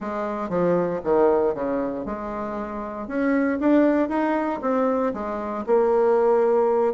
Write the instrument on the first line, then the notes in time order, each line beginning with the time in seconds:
bassoon
0.00 G#3
0.49 F3
1.03 D#3
1.54 C#3
2.05 G#3
3.07 C#4
3.59 D4
4.08 D#4
4.61 C4
5.13 G#3
5.66 A#3